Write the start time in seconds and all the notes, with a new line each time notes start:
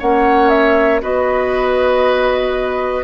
0.00 A#3 C#4 C#5 F#5
0.50 E5
1.02 B3 F#4 B4 D#5